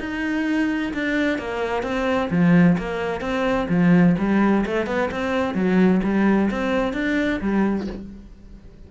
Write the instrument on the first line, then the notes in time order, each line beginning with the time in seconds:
cello
0.00 D#4
0.94 D4
1.39 A#3
1.83 C4
2.31 F3
2.79 A#3
3.21 C4
3.70 F3
4.19 G3
4.66 A3
4.87 B3
5.12 C4
5.55 F#3
6.04 G3
6.51 C4
6.94 D4
7.41 G3